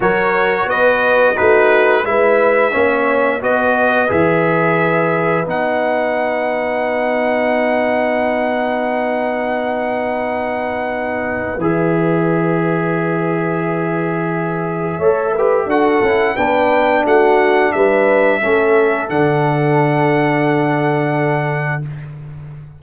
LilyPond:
<<
  \new Staff \with { instrumentName = "trumpet" } { \time 4/4 \tempo 4 = 88 cis''4 dis''4 b'4 e''4~ | e''4 dis''4 e''2 | fis''1~ | fis''1~ |
fis''4 e''2.~ | e''2. fis''4 | g''4 fis''4 e''2 | fis''1 | }
  \new Staff \with { instrumentName = "horn" } { \time 4/4 ais'4 b'4 fis'4 b'4 | cis''4 b'2.~ | b'1~ | b'1~ |
b'1~ | b'2 cis''8 b'8 a'4 | b'4 fis'4 b'4 a'4~ | a'1 | }
  \new Staff \with { instrumentName = "trombone" } { \time 4/4 fis'2 dis'4 e'4 | cis'4 fis'4 gis'2 | dis'1~ | dis'1~ |
dis'4 gis'2.~ | gis'2 a'8 g'8 fis'8 e'8 | d'2. cis'4 | d'1 | }
  \new Staff \with { instrumentName = "tuba" } { \time 4/4 fis4 b4 a4 gis4 | ais4 b4 e2 | b1~ | b1~ |
b4 e2.~ | e2 a4 d'8 cis'8 | b4 a4 g4 a4 | d1 | }
>>